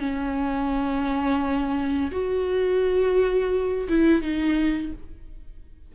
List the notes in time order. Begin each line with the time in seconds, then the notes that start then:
0.00 C#4
2.12 F#4
3.89 E4
4.22 D#4